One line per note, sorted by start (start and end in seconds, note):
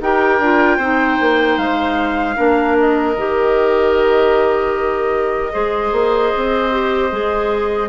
0.00 0.38 D#4
0.00 0.41 G4
0.00 0.77 A#4
0.00 1.58 G5
0.38 0.78 D4
0.38 0.80 F4
0.77 1.17 C4
0.77 2.36 D#4
0.77 2.35 C5
1.20 1.57 A#3
1.57 2.36 G#3
1.57 2.76 F5
2.36 3.16 A#3
2.36 3.14 D4
2.36 5.52 A#4
2.79 7.88 D#5
3.16 5.53 D#3
3.16 5.51 G4
5.51 5.92 G#3
5.51 6.70 G#4
5.51 7.88 C5
5.92 6.31 A#3
6.36 7.12 C4
6.71 7.10 G4
7.11 7.88 G#3
7.11 7.88 G#4